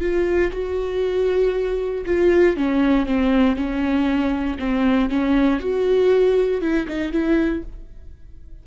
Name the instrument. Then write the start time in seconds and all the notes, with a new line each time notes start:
viola
0.00 F4
0.52 F#4
2.05 F4
2.56 C#4
3.06 C4
3.56 C#4
4.59 C4
5.09 C#4
5.59 F#4
6.61 E4
6.87 D#4
7.12 E4